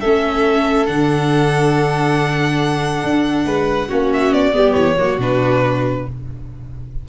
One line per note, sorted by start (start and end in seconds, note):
0.00 0.88 A3
0.00 0.86 C#4
0.00 3.45 A4
0.00 0.86 E5
0.86 3.03 D3
0.86 3.88 D4
0.86 4.10 F#5
3.03 3.45 D4
3.45 3.88 G#3
3.45 3.88 B4
3.88 4.32 A#3
3.88 4.53 C#4
3.88 4.53 F#4
4.13 4.33 E5
4.32 4.53 B3
4.32 4.74 D5
4.53 4.75 G3
4.53 4.96 B3
4.53 4.97 G4
4.74 4.97 E3
4.74 5.17 C#5
4.97 5.18 F#3
4.97 5.19 A#3
4.97 6.05 F#4
5.18 6.04 B2
5.18 6.06 D4
5.18 6.08 B4